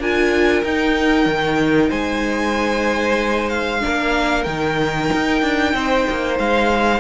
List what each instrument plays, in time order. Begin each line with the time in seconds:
0.00 cello D4, viola F4, violin A#4 G#5
0.64 cello D#4, viola D#4, violin G5
1.26 cello D#3
1.90 cello G#3, violin C5 G#5
3.50 violin F5
3.81 viola D4, violin A#4
3.87 cello A#3
4.44 cello D#3, viola D#4, violin G5
5.13 cello D#4
5.42 cello D4
5.74 cello C4, violin C5
6.10 cello A#3
6.39 cello G#3, violin F5